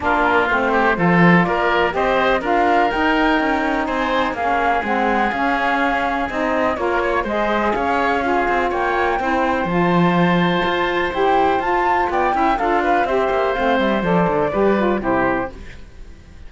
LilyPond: <<
  \new Staff \with { instrumentName = "flute" } { \time 4/4 \tempo 4 = 124 ais'4 c''2 d''4 | dis''4 f''4 g''2 | gis''4 f''4 fis''4 f''4~ | f''4 dis''4 cis''4 dis''4 |
f''2 g''2 | a''2. g''4 | a''4 g''4 f''4 e''4 | f''8 e''8 d''2 c''4 | }
  \new Staff \with { instrumentName = "oboe" } { \time 4/4 f'4. g'8 a'4 ais'4 | c''4 ais'2. | c''4 gis'2.~ | gis'2 ais'8 cis''8 c''4 |
cis''4 gis'4 cis''4 c''4~ | c''1~ | c''4 d''8 e''8 a'8 b'8 c''4~ | c''2 b'4 g'4 | }
  \new Staff \with { instrumentName = "saxophone" } { \time 4/4 d'4 c'4 f'2 | g'4 f'4 dis'2~ | dis'4 cis'4 c'4 cis'4~ | cis'4 dis'4 f'4 gis'4~ |
gis'4 f'2 e'4 | f'2. g'4 | f'4. e'8 f'4 g'4 | c'4 a'4 g'8 f'8 e'4 | }
  \new Staff \with { instrumentName = "cello" } { \time 4/4 ais4 a4 f4 ais4 | c'4 d'4 dis'4 cis'4 | c'4 ais4 gis4 cis'4~ | cis'4 c'4 ais4 gis4 |
cis'4. c'8 ais4 c'4 | f2 f'4 e'4 | f'4 b8 cis'8 d'4 c'8 ais8 | a8 g8 f8 d8 g4 c4 | }
>>